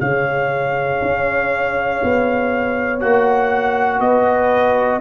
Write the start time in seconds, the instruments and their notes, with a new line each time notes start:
0.00 tuba C#3, trombone G#4, horn C#5, trumpet F5
1.01 tuba C#4
2.03 tuba B3
3.00 tuba A#3, trombone F#4, trumpet F#5
4.00 tuba B3, horn B4, trumpet D#5